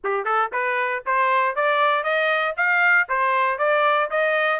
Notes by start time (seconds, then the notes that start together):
0.03 G4
0.24 A4
0.52 B4
1.06 C5
1.55 D5
2.03 D#5
2.56 F5
3.08 C5
3.58 D5
4.10 D#5